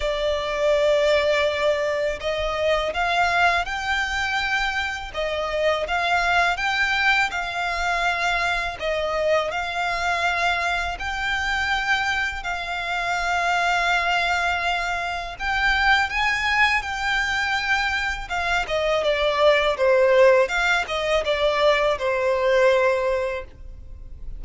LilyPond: \new Staff \with { instrumentName = "violin" } { \time 4/4 \tempo 4 = 82 d''2. dis''4 | f''4 g''2 dis''4 | f''4 g''4 f''2 | dis''4 f''2 g''4~ |
g''4 f''2.~ | f''4 g''4 gis''4 g''4~ | g''4 f''8 dis''8 d''4 c''4 | f''8 dis''8 d''4 c''2 | }